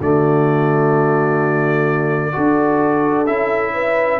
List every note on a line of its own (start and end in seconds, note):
0.00 2.35 D3
0.00 2.33 A3
0.00 2.34 F#4
0.00 3.27 D5
2.33 3.28 D4
2.33 3.26 F#4
2.33 3.74 A4
3.27 4.20 C#4
3.27 4.20 E4
3.27 4.20 E5
3.74 4.20 B4